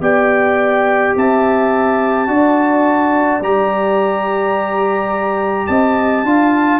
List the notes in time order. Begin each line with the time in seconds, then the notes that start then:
0.00 B3 G4 D5 G5
1.15 C4 E5 A5
2.27 D4 F#4 D5
3.40 G3 G4 A#5
5.67 C4 D#5 A5
6.23 D4 F4 F5